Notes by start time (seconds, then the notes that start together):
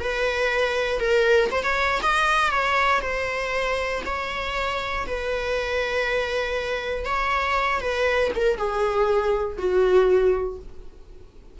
0.00 B4
1.00 A#4
1.51 C5
1.63 C#5
2.02 D#5
2.50 C#5
3.01 C5
4.05 C#5
5.06 B4
7.05 C#5
7.81 B4
8.36 A#4
8.57 G#4
9.58 F#4